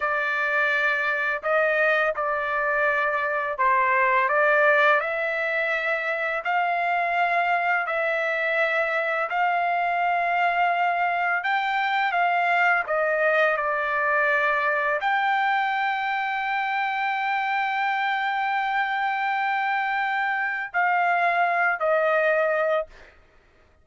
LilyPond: \new Staff \with { instrumentName = "trumpet" } { \time 4/4 \tempo 4 = 84 d''2 dis''4 d''4~ | d''4 c''4 d''4 e''4~ | e''4 f''2 e''4~ | e''4 f''2. |
g''4 f''4 dis''4 d''4~ | d''4 g''2.~ | g''1~ | g''4 f''4. dis''4. | }